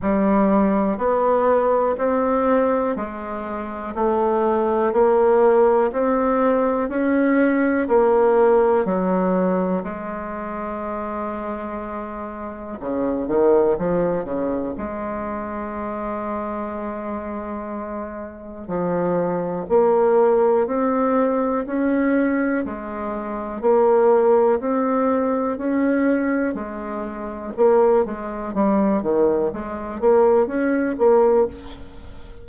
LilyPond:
\new Staff \with { instrumentName = "bassoon" } { \time 4/4 \tempo 4 = 61 g4 b4 c'4 gis4 | a4 ais4 c'4 cis'4 | ais4 fis4 gis2~ | gis4 cis8 dis8 f8 cis8 gis4~ |
gis2. f4 | ais4 c'4 cis'4 gis4 | ais4 c'4 cis'4 gis4 | ais8 gis8 g8 dis8 gis8 ais8 cis'8 ais8 | }